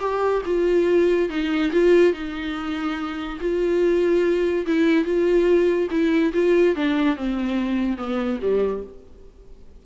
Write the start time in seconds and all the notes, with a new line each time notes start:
0.00 G4
0.46 F4
1.30 D#4
1.72 F4
2.13 D#4
3.40 F4
4.67 E4
5.05 F4
5.91 E4
6.34 F4
6.76 D4
7.17 C4
7.98 B3
8.42 G3